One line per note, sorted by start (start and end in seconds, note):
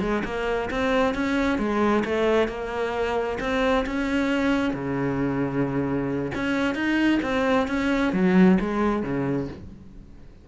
0.00 0.23 G#3
0.24 0.69 A#3
0.70 1.14 C4
1.14 1.58 C#4
1.58 2.03 G#3
2.04 2.48 A3
2.48 3.38 A#3
3.40 3.85 C4
3.86 4.73 C#4
4.73 6.31 C#3
6.34 6.74 C#4
6.74 7.19 D#4
7.22 7.67 C4
7.67 8.12 C#4
8.12 8.58 F#3
8.60 9.02 G#3
9.02 9.48 C#3